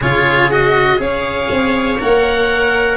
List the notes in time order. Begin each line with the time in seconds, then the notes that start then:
0.00 C#3 F4 G#4 C#5
0.50 F#4 D#5
0.97 C#4 G#4 C#5 F5
1.49 C4
1.99 A#3 A#4 F#5